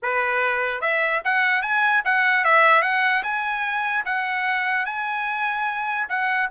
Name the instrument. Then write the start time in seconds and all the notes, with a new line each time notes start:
trumpet
0.02 B4
0.81 E5
1.24 F#5
1.61 G#5
2.04 F#5
2.44 E5
2.82 F#5
3.23 G#5
4.05 F#5
4.85 G#5
6.08 F#5